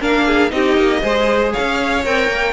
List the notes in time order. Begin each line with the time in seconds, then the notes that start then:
0.00 A#3 D4 A#4 F5
0.26 G#4
0.50 C4 D#4 G4 D#5
0.77 A#3
1.02 G#3 G#4 C5
1.52 C#5 F5
1.59 C#4
2.05 C4 A#4 G5
2.28 A#3